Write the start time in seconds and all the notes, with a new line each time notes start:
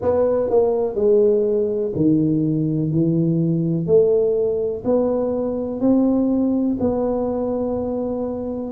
0.01 B3
0.50 A#3
0.95 G#3
1.95 D#3
2.91 E3
3.86 A3
4.84 B3
5.80 C4
6.80 B3